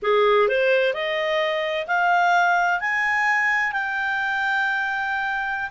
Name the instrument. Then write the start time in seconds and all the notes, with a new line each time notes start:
clarinet
0.02 G#4
0.48 C5
0.93 D#5
1.87 F5
2.80 G#5
3.72 G5